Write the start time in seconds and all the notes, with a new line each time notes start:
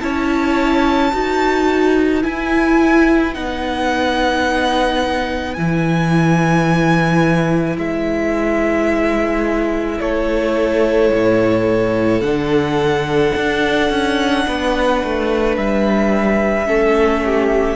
0.00 C#4 E4 C#5 A5
1.12 D#4 F#4 B4
2.22 E4 G#5
3.33 B3 D#4 F#5
5.53 E3 E4 G#5
7.77 G#3 E5
10.00 A3 A4 C#5
11.12 A2
12.21 D3 D4 F#5
13.36 D4
13.90 C#4
14.47 B3 B4
15.03 A3
15.56 G3 E5
16.65 A3 C#4 A4
17.25 G4